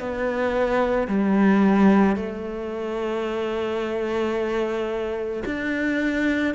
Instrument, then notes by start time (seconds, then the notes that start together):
cello
0.00 B3
1.08 G3
2.16 A3
5.46 D4